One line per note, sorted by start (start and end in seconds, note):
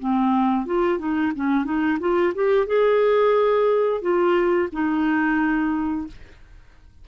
0.00 0.66 C4
0.66 0.99 F4
0.99 1.33 D#4
1.36 1.65 C#4
1.65 1.99 D#4
2.00 2.34 F4
2.35 2.67 G4
2.67 4.02 G#4
4.02 4.69 F4
4.73 6.07 D#4